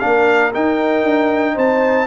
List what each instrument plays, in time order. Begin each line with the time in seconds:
0.00 tuba A#3, trombone D4, horn A#4, trumpet F5
0.53 trombone D#4, tuba D#4, trumpet G5
1.04 tuba D4
1.54 tuba C4, horn C5, trumpet A5